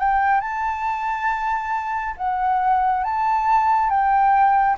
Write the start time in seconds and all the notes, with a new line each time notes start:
0.00 G5
0.41 A5
2.17 F#5
3.04 A5
3.90 G5